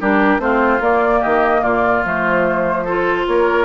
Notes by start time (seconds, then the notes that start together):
0.00 G3 D4 G4 A#4
0.39 A3 C4 F4 C5
0.80 A#3 D5
1.20 D#3 G4 D#5
1.62 A#2 F4 D5
2.04 F3 A3 C5
2.84 F4 A4
3.27 A#3 A#4 C#5